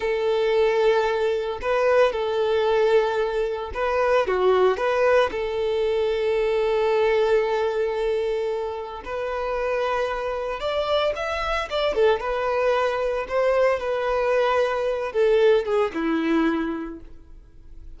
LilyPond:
\new Staff \with { instrumentName = "violin" } { \time 4/4 \tempo 4 = 113 a'2. b'4 | a'2. b'4 | fis'4 b'4 a'2~ | a'1~ |
a'4 b'2. | d''4 e''4 d''8 a'8 b'4~ | b'4 c''4 b'2~ | b'8 a'4 gis'8 e'2 | }